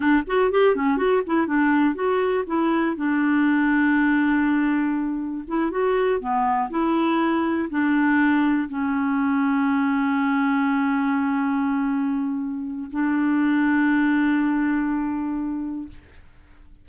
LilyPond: \new Staff \with { instrumentName = "clarinet" } { \time 4/4 \tempo 4 = 121 d'8 fis'8 g'8 cis'8 fis'8 e'8 d'4 | fis'4 e'4 d'2~ | d'2. e'8 fis'8~ | fis'8 b4 e'2 d'8~ |
d'4. cis'2~ cis'8~ | cis'1~ | cis'2 d'2~ | d'1 | }